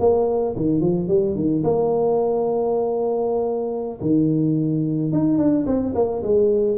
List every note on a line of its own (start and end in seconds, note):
0.00 0.56 A#3
0.57 0.81 D#3
0.81 1.08 F3
1.08 1.36 G3
1.36 1.63 D#3
1.64 4.00 A#3
4.02 5.13 D#3
5.13 5.38 D#4
5.38 5.66 D4
5.67 5.94 C4
5.95 6.23 A#3
6.23 6.78 G#3